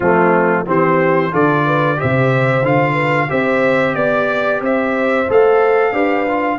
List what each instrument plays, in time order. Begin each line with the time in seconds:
0.00 tuba F3, trombone A3, horn C4, trumpet F4
0.66 tuba E3, trombone C4, horn G4, trumpet C5
1.31 tuba D3, trombone F4, horn A4, trumpet D5
1.65 horn B4
1.96 trombone G4, horn C5, trumpet E5
2.02 tuba C3
2.62 tuba D3, trombone F4, trumpet F5
2.92 horn B4
3.28 tuba C4, trombone G4, horn C5, trumpet E5
3.94 tuba B3, trumpet D5, horn D5
4.60 tuba C4, horn C5, trumpet E5
5.29 tuba A3, trombone A4, trumpet F5
5.92 tuba D4, trombone G4, horn B4
6.27 trombone F4